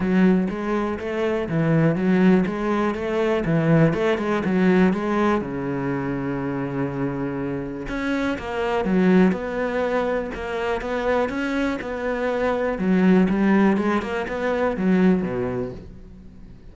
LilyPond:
\new Staff \with { instrumentName = "cello" } { \time 4/4 \tempo 4 = 122 fis4 gis4 a4 e4 | fis4 gis4 a4 e4 | a8 gis8 fis4 gis4 cis4~ | cis1 |
cis'4 ais4 fis4 b4~ | b4 ais4 b4 cis'4 | b2 fis4 g4 | gis8 ais8 b4 fis4 b,4 | }